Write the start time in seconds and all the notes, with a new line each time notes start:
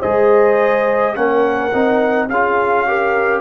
0.00 G#3 G#4 C5 D#5
1.15 A#3 C#4 A#4 F#5
1.72 C4 D#4
2.29 C#4 F4 G#4 F5
2.87 G4 A#4